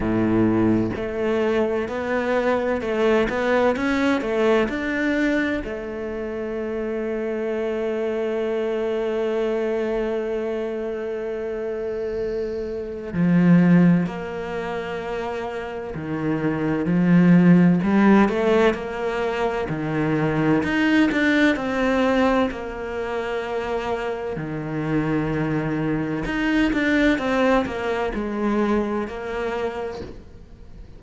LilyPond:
\new Staff \with { instrumentName = "cello" } { \time 4/4 \tempo 4 = 64 a,4 a4 b4 a8 b8 | cis'8 a8 d'4 a2~ | a1~ | a2 f4 ais4~ |
ais4 dis4 f4 g8 a8 | ais4 dis4 dis'8 d'8 c'4 | ais2 dis2 | dis'8 d'8 c'8 ais8 gis4 ais4 | }